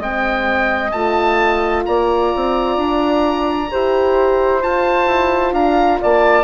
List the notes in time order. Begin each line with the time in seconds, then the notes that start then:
0.00 G#3 C4 D#5 G5
0.92 A3 F4 A5
1.86 A#3 D5 A#5
2.36 C4
2.77 D4
3.72 E4 G4 C5
4.62 F4 A5
5.07 E4
5.53 D4 F5 A#5
6.01 A#3 D5 A5